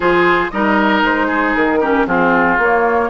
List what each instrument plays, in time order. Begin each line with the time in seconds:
0.00 bassoon F3, clarinet F4, oboe G#4, flute C5
0.50 bassoon G3, clarinet D#4, oboe A#4, flute D#5
1.02 bassoon G#3, flute C5
1.27 oboe G#4
1.54 bassoon D#3, flute A#4
1.80 clarinet C#4, oboe G4
2.06 bassoon F3, clarinet C4, oboe F4, flute G#4
2.58 bassoon A#3, clarinet A#3, flute C#5